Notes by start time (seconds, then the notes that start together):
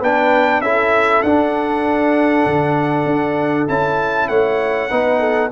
0.00 B3 D4 B4 G5
0.60 C#4 E4 A4 E5
1.22 D4 F#5
2.46 D3
3.05 D4
3.68 C#4 E4 A5
4.28 A3 C#5 F#5
4.90 B3 D#4 B4
5.19 A4